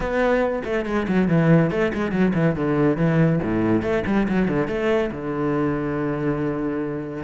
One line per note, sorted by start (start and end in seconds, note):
0.00 0.62 B3
0.64 0.85 A3
0.85 1.06 G#3
1.08 1.28 F#3
1.28 1.70 E3
1.70 1.92 A3
1.93 2.11 G#3
2.11 2.32 F#3
2.34 2.55 E3
2.55 2.97 D3
2.97 3.39 E3
3.42 3.82 A2
3.82 4.03 A3
4.06 4.27 G3
4.28 4.47 F#3
4.47 4.67 D3
4.67 5.10 A3
5.11 7.23 D3